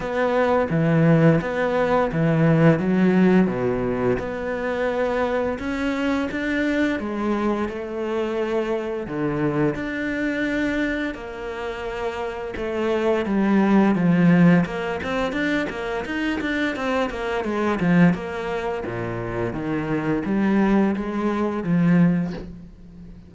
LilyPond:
\new Staff \with { instrumentName = "cello" } { \time 4/4 \tempo 4 = 86 b4 e4 b4 e4 | fis4 b,4 b2 | cis'4 d'4 gis4 a4~ | a4 d4 d'2 |
ais2 a4 g4 | f4 ais8 c'8 d'8 ais8 dis'8 d'8 | c'8 ais8 gis8 f8 ais4 ais,4 | dis4 g4 gis4 f4 | }